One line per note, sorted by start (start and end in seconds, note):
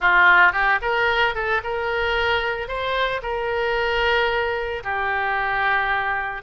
0.00 0.52 F4
0.52 0.79 G4
0.81 1.34 A#4
1.34 1.61 A4
1.63 2.67 A#4
2.67 3.21 C5
3.22 4.83 A#4
4.83 6.42 G4